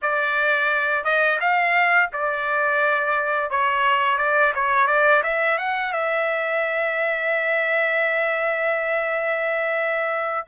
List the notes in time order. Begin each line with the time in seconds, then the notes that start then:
0.02 D5
1.04 D#5
1.40 F5
2.12 D5
3.50 C#5
4.18 D5
4.54 C#5
4.87 D5
5.23 E5
5.58 F#5
5.93 E5